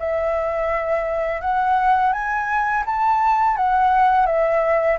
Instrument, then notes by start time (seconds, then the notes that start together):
flute
0.00 E5
1.42 F#5
2.13 G#5
2.86 A5
3.57 F#5
4.27 E5